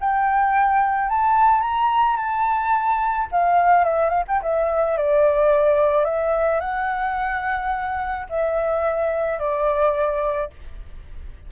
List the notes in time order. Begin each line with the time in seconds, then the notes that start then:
0.00 G5
1.09 A5
1.61 A#5
2.16 A5
3.31 F5
3.84 E5
4.09 F5
4.28 G5
4.42 E5
4.97 D5
6.05 E5
6.60 F#5
8.29 E5
9.39 D5